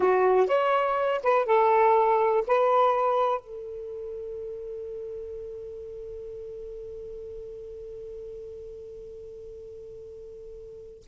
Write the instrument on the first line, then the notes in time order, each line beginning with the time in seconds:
saxophone
0.00 F#4
0.47 C#5
1.23 B4
1.45 A4
2.47 B4
3.40 A4